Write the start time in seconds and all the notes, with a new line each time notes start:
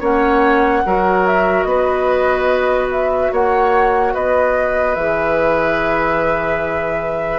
0.00 A#3 C#4 C#5 F#5
0.86 F#3 F#4 A#4
1.27 E5
1.63 B3 B4 D#5
2.92 E5
3.32 A#3 C#5 F#5
4.14 B3 B4 D#5
4.95 E3 G#4 E5